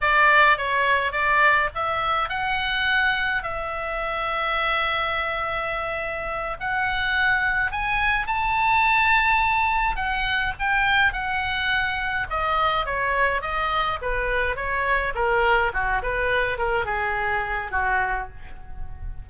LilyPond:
\new Staff \with { instrumentName = "oboe" } { \time 4/4 \tempo 4 = 105 d''4 cis''4 d''4 e''4 | fis''2 e''2~ | e''2.~ e''8 fis''8~ | fis''4. gis''4 a''4.~ |
a''4. fis''4 g''4 fis''8~ | fis''4. dis''4 cis''4 dis''8~ | dis''8 b'4 cis''4 ais'4 fis'8 | b'4 ais'8 gis'4. fis'4 | }